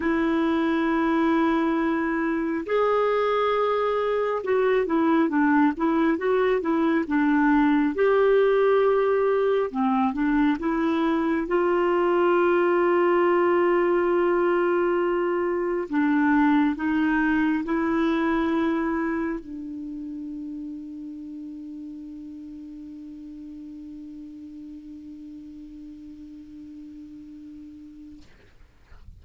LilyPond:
\new Staff \with { instrumentName = "clarinet" } { \time 4/4 \tempo 4 = 68 e'2. gis'4~ | gis'4 fis'8 e'8 d'8 e'8 fis'8 e'8 | d'4 g'2 c'8 d'8 | e'4 f'2.~ |
f'2 d'4 dis'4 | e'2 d'2~ | d'1~ | d'1 | }